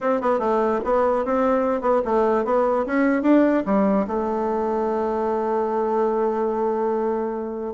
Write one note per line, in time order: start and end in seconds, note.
0.00 0.21 C4
0.21 0.39 B3
0.39 0.80 A3
0.84 1.25 B3
1.25 1.81 C4
1.81 2.01 B3
2.04 2.44 A3
2.44 2.85 B3
2.86 3.22 C#4
3.22 3.63 D4
3.65 4.06 G3
4.07 7.74 A3